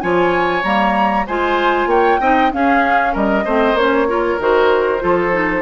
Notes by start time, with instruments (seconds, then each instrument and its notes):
0.00 bassoon F3, clarinet F4, oboe C#5, flute G#5
0.63 bassoon G3, clarinet A#3, flute A#5
1.26 bassoon G#3, clarinet F4, oboe C5, flute G#5
1.86 bassoon A#3, oboe C#5, flute G5
2.20 bassoon C4, clarinet D#4, oboe D#5
2.51 clarinet C#4, bassoon C#4, oboe G#4, flute F5
3.12 bassoon G3, oboe A#4, flute D#5
3.44 bassoon A3, clarinet C4, oboe C5
3.73 bassoon A#3, clarinet C#4, flute C#5
4.08 clarinet F4, oboe A#4
4.39 bassoon D#3, clarinet F#4, flute C5
4.99 bassoon F3, clarinet F4, oboe A4
5.32 clarinet D#4